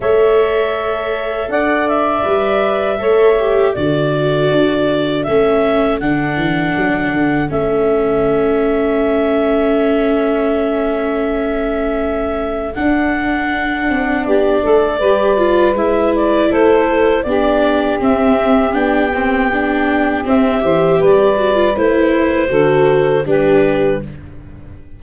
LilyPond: <<
  \new Staff \with { instrumentName = "clarinet" } { \time 4/4 \tempo 4 = 80 e''2 fis''8 e''4.~ | e''4 d''2 e''4 | fis''2 e''2~ | e''1~ |
e''4 fis''2 d''4~ | d''4 e''8 d''8 c''4 d''4 | e''4 g''2 e''4 | d''4 c''2 b'4 | }
  \new Staff \with { instrumentName = "saxophone" } { \time 4/4 cis''2 d''2 | cis''4 a'2.~ | a'1~ | a'1~ |
a'2. g'8 a'8 | b'2 a'4 g'4~ | g'2.~ g'8 c''8 | b'2 a'4 g'4 | }
  \new Staff \with { instrumentName = "viola" } { \time 4/4 a'2. b'4 | a'8 g'8 fis'2 cis'4 | d'2 cis'2~ | cis'1~ |
cis'4 d'2. | g'8 f'8 e'2 d'4 | c'4 d'8 c'8 d'4 c'8 g'8~ | g'8 fis'16 f'16 e'4 fis'4 d'4 | }
  \new Staff \with { instrumentName = "tuba" } { \time 4/4 a2 d'4 g4 | a4 d4 d'4 a4 | d8 e8 fis8 d8 a2~ | a1~ |
a4 d'4. c'8 b8 a8 | g4 gis4 a4 b4 | c'4 b2 c'8 e8 | g4 a4 d4 g4 | }
>>